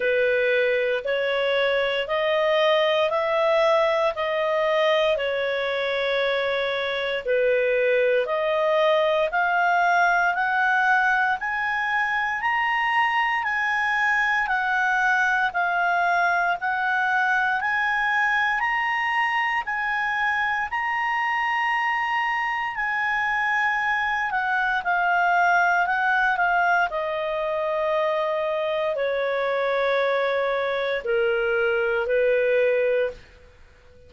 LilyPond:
\new Staff \with { instrumentName = "clarinet" } { \time 4/4 \tempo 4 = 58 b'4 cis''4 dis''4 e''4 | dis''4 cis''2 b'4 | dis''4 f''4 fis''4 gis''4 | ais''4 gis''4 fis''4 f''4 |
fis''4 gis''4 ais''4 gis''4 | ais''2 gis''4. fis''8 | f''4 fis''8 f''8 dis''2 | cis''2 ais'4 b'4 | }